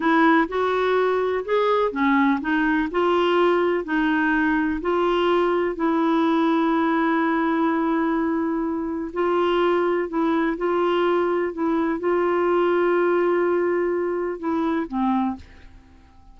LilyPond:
\new Staff \with { instrumentName = "clarinet" } { \time 4/4 \tempo 4 = 125 e'4 fis'2 gis'4 | cis'4 dis'4 f'2 | dis'2 f'2 | e'1~ |
e'2. f'4~ | f'4 e'4 f'2 | e'4 f'2.~ | f'2 e'4 c'4 | }